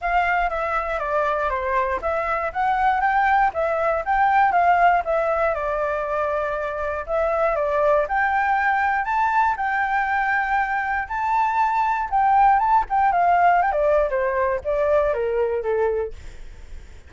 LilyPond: \new Staff \with { instrumentName = "flute" } { \time 4/4 \tempo 4 = 119 f''4 e''4 d''4 c''4 | e''4 fis''4 g''4 e''4 | g''4 f''4 e''4 d''4~ | d''2 e''4 d''4 |
g''2 a''4 g''4~ | g''2 a''2 | g''4 a''8 g''8 f''4 g''16 d''8. | c''4 d''4 ais'4 a'4 | }